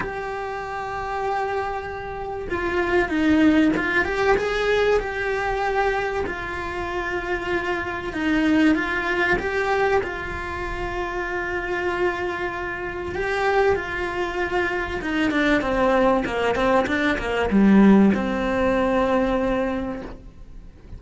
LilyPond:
\new Staff \with { instrumentName = "cello" } { \time 4/4 \tempo 4 = 96 g'1 | f'4 dis'4 f'8 g'8 gis'4 | g'2 f'2~ | f'4 dis'4 f'4 g'4 |
f'1~ | f'4 g'4 f'2 | dis'8 d'8 c'4 ais8 c'8 d'8 ais8 | g4 c'2. | }